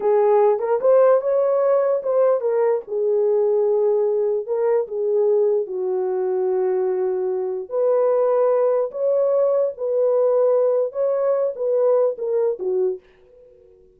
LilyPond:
\new Staff \with { instrumentName = "horn" } { \time 4/4 \tempo 4 = 148 gis'4. ais'8 c''4 cis''4~ | cis''4 c''4 ais'4 gis'4~ | gis'2. ais'4 | gis'2 fis'2~ |
fis'2. b'4~ | b'2 cis''2 | b'2. cis''4~ | cis''8 b'4. ais'4 fis'4 | }